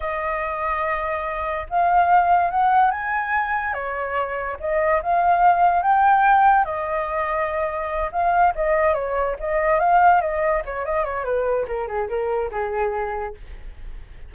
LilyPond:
\new Staff \with { instrumentName = "flute" } { \time 4/4 \tempo 4 = 144 dis''1 | f''2 fis''4 gis''4~ | gis''4 cis''2 dis''4 | f''2 g''2 |
dis''2.~ dis''8 f''8~ | f''8 dis''4 cis''4 dis''4 f''8~ | f''8 dis''4 cis''8 dis''8 cis''8 b'4 | ais'8 gis'8 ais'4 gis'2 | }